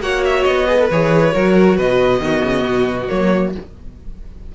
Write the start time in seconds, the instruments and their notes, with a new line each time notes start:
0.00 cello A#3, viola F#4, violin C#5 F#5
0.24 violin E5
0.44 cello B3, violin D#5
0.68 viola G#4, violin B4
0.80 viola A4
0.91 cello E3, viola G#4, violin C#5
1.32 cello F#3, viola F#4, violin A#4
1.77 cello B2, violin B4 D#5
2.20 cello D#3, viola B3, violin F#4
2.44 cello C#3
2.63 cello B2
3.08 cello F#3, viola A#3, violin C#5